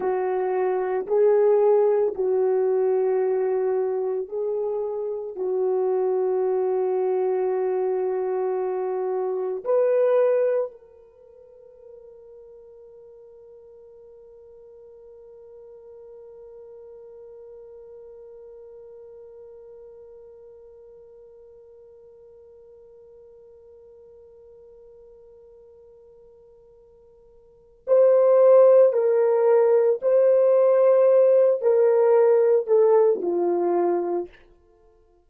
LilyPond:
\new Staff \with { instrumentName = "horn" } { \time 4/4 \tempo 4 = 56 fis'4 gis'4 fis'2 | gis'4 fis'2.~ | fis'4 b'4 ais'2~ | ais'1~ |
ais'1~ | ais'1~ | ais'2 c''4 ais'4 | c''4. ais'4 a'8 f'4 | }